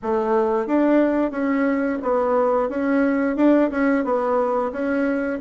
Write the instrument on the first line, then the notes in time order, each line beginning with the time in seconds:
bassoon
0.02 A3
0.66 D4
1.31 C#4
2.02 B3
2.69 C#4
3.36 D4
3.70 C#4
4.04 B3
4.72 C#4